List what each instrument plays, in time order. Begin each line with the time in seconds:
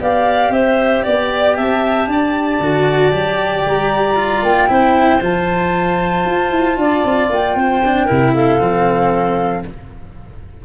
0.00 tuba B3, cello G4, clarinet D5, flute F5
0.50 tuba C4, clarinet C5, flute E5
1.04 tuba B3, clarinet D5, flute D5
1.57 tuba C4, clarinet E5, flute A5
2.08 tuba D4, clarinet D5
2.60 tuba D3, cello F#4
3.12 tuba F#3, cello G4
3.66 tuba G3, flute A#5
4.16 cello F4
4.43 tuba A#3, flute G5
4.68 tuba C4, cello E4, clarinet C5
5.22 tuba F3, cello F4, flute A5
6.26 tuba F4
6.51 tuba E4
6.78 tuba D4, clarinet D5
7.05 tuba C4
7.30 tuba A#3, flute G5
7.55 tuba C4, clarinet C5
7.85 cello D4
8.06 tuba C3, cello E4, clarinet A#4
8.34 clarinet A4, flute F5
8.60 tuba F3, cello C4